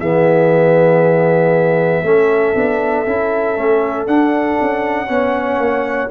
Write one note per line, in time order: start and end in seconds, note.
0.00 2.02 E3
0.00 2.04 B3
0.00 2.04 G#4
0.00 4.07 E5
2.02 2.53 A3
2.02 2.55 C#4
2.02 5.09 A4
2.55 3.06 B3
2.55 3.06 D4
3.06 3.57 C#4
3.06 3.56 E4
3.56 4.07 A3
3.56 4.07 C#4
4.07 4.58 D4
4.07 5.07 D4
4.07 6.11 F#5
4.61 5.09 C#4
5.07 5.58 B3
5.07 6.08 C#4
5.07 6.11 C#5
5.58 6.09 A#3